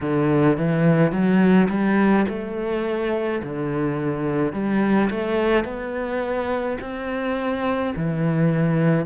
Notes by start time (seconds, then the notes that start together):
0.00 D3
0.57 E3
1.12 F#3
1.69 G3
2.28 A3
3.42 D3
4.53 G3
5.10 A3
5.64 B3
6.80 C4
7.96 E3